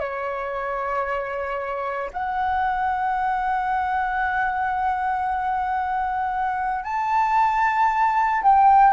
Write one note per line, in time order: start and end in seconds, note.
0.00 2.11 C#5
2.13 6.85 F#5
6.85 8.43 A5
8.43 8.93 G5